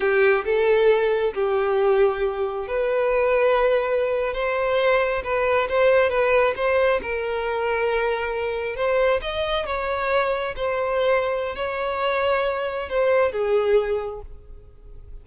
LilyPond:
\new Staff \with { instrumentName = "violin" } { \time 4/4 \tempo 4 = 135 g'4 a'2 g'4~ | g'2 b'2~ | b'4.~ b'16 c''2 b'16~ | b'8. c''4 b'4 c''4 ais'16~ |
ais'2.~ ais'8. c''16~ | c''8. dis''4 cis''2 c''16~ | c''2 cis''2~ | cis''4 c''4 gis'2 | }